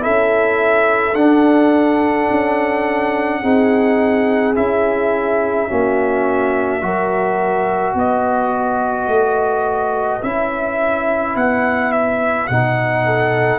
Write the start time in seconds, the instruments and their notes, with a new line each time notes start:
0.00 tuba C#4, trombone E4, horn A4, trumpet E5
1.14 tuba D4, trombone D4, trumpet F#5
2.30 tuba C#4
3.42 tuba C4, trombone D#4, horn G#4
4.55 tuba C#4, trombone E4, trumpet E5
5.68 tuba A#3, trombone C#4, horn F#4
6.81 tuba F#3, trombone F#4, horn A#4
7.95 tuba B3, horn B4, trumpet D#5
9.07 tuba A3
10.22 tuba C#4, trombone E4, trumpet E5
11.35 tuba B3, trumpet F#5
11.92 trumpet E5
12.47 tuba B2, trombone D#4, trumpet F#5
13.05 horn A4